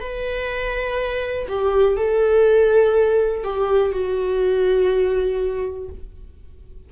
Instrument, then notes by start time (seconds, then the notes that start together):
viola
0.00 B4
1.48 G4
1.97 A4
3.44 G4
3.93 F#4